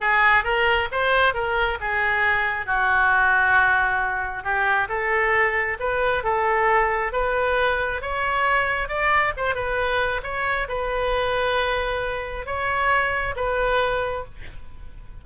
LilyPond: \new Staff \with { instrumentName = "oboe" } { \time 4/4 \tempo 4 = 135 gis'4 ais'4 c''4 ais'4 | gis'2 fis'2~ | fis'2 g'4 a'4~ | a'4 b'4 a'2 |
b'2 cis''2 | d''4 c''8 b'4. cis''4 | b'1 | cis''2 b'2 | }